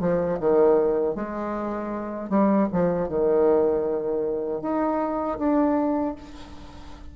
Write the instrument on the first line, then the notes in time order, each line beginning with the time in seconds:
bassoon
0.00 F3
0.40 D#3
1.15 G#3
2.29 G3
2.72 F3
3.08 D#3
4.61 D#4
5.38 D4